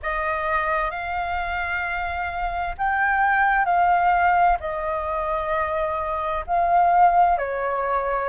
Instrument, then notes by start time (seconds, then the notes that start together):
flute
0.02 D#5
0.91 F5
2.78 G5
3.65 F5
4.59 D#5
6.47 F5
7.38 C#5